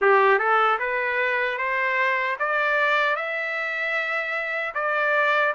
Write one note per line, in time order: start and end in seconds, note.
0.01 0.38 G4
0.38 0.78 A4
0.79 1.58 B4
1.58 2.36 C5
2.39 3.15 D5
3.15 4.73 E5
4.74 5.53 D5